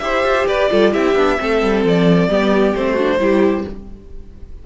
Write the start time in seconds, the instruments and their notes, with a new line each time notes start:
0.00 cello E4, viola G4, violin C5 E5
0.24 cello F4
0.48 cello G4, violin B4 D5
0.70 cello G3, viola F4, violin A4
0.93 cello C4, viola E4, violin G4 E5
1.15 cello B3, viola D4
1.38 cello A3, viola C4, violin A4
1.62 cello G3
1.85 cello F3, violin D5
2.29 cello G3, viola B3, violin G4
2.75 cello A3, viola C4, violin C5
2.94 viola D4, violin F#4
3.19 cello G3, viola E4, violin G4